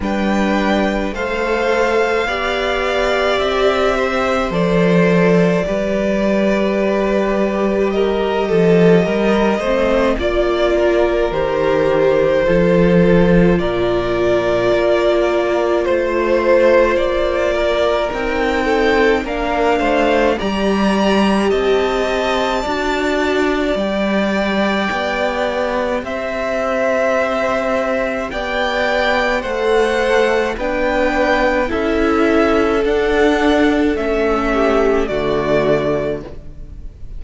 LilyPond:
<<
  \new Staff \with { instrumentName = "violin" } { \time 4/4 \tempo 4 = 53 g''4 f''2 e''4 | d''2. dis''4~ | dis''4 d''4 c''2 | d''2 c''4 d''4 |
g''4 f''4 ais''4 a''4~ | a''4 g''2 e''4~ | e''4 g''4 fis''4 g''4 | e''4 fis''4 e''4 d''4 | }
  \new Staff \with { instrumentName = "violin" } { \time 4/4 b'4 c''4 d''4. c''8~ | c''4 b'2 ais'8 a'8 | ais'8 c''8 d''8 ais'4. a'4 | ais'2 c''4. ais'8~ |
ais'8 a'8 ais'8 c''8 d''4 dis''4 | d''2. c''4~ | c''4 d''4 c''4 b'4 | a'2~ a'8 g'8 fis'4 | }
  \new Staff \with { instrumentName = "viola" } { \time 4/4 d'4 a'4 g'2 | a'4 g'2.~ | g'8 c'8 f'4 g'4 f'4~ | f'1 |
dis'4 d'4 g'2 | fis'4 g'2.~ | g'2 a'4 d'4 | e'4 d'4 cis'4 a4 | }
  \new Staff \with { instrumentName = "cello" } { \time 4/4 g4 a4 b4 c'4 | f4 g2~ g8 f8 | g8 a8 ais4 dis4 f4 | ais,4 ais4 a4 ais4 |
c'4 ais8 a8 g4 c'4 | d'4 g4 b4 c'4~ | c'4 b4 a4 b4 | cis'4 d'4 a4 d4 | }
>>